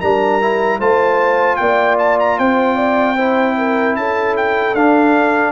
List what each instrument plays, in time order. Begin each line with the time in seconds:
0.00 tuba G3, trombone D4, horn A#4, trumpet A#5
0.41 trombone E4
0.79 tuba A3, trombone F4, horn C5, trumpet A5
1.57 tuba A#3, horn D5, trumpet G5
1.99 trumpet A5
2.20 trumpet A#5
2.39 tuba C4, horn C5, trumpet G5
2.75 horn D5
3.16 trombone E4, horn C5
3.58 horn A#4
3.96 tuba C#4, horn A4, trumpet A5
4.37 trumpet G5
4.75 tuba D4, trombone D4, trumpet F5